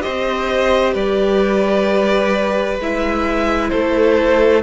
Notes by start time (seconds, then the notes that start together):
0.00 G4 C5 D#5
0.06 C4
0.93 G3 B4 D5
2.79 G#3 E4 E5
3.69 A3 A4 C5